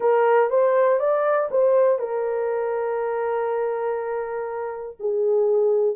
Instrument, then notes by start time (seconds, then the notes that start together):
horn
0.00 A#4
0.50 C5
0.99 D5
1.50 C5
1.99 A#4
4.99 G#4